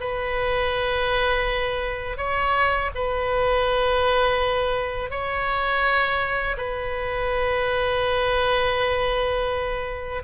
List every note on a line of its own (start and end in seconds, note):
0.00 2.18 B4
2.18 2.91 C#5
2.95 5.10 B4
5.10 6.57 C#5
6.57 10.23 B4